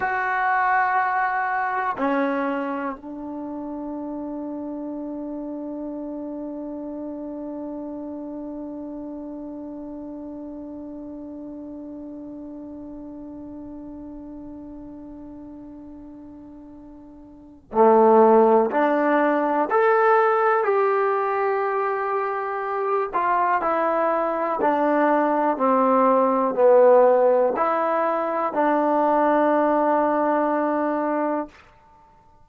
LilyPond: \new Staff \with { instrumentName = "trombone" } { \time 4/4 \tempo 4 = 61 fis'2 cis'4 d'4~ | d'1~ | d'1~ | d'1~ |
d'2 a4 d'4 | a'4 g'2~ g'8 f'8 | e'4 d'4 c'4 b4 | e'4 d'2. | }